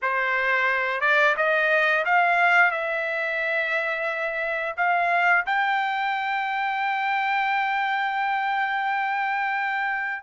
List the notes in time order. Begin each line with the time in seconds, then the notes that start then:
0.02 C5
1.00 D5
1.36 D#5
2.05 F5
2.71 E5
4.77 F5
5.45 G5